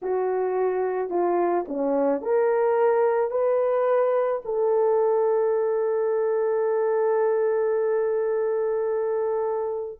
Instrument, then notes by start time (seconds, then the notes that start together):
horn
0.02 F#4
1.09 F4
1.68 C#4
2.21 A#4
3.31 B4
4.44 A4